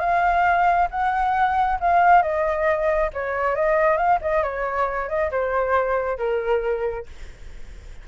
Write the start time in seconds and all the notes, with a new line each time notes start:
0.00 F5
0.91 F#5
1.80 F5
2.22 D#5
3.13 C#5
3.55 D#5
3.97 F5
4.22 D#5
4.43 C#5
5.09 D#5
5.31 C5
6.18 A#4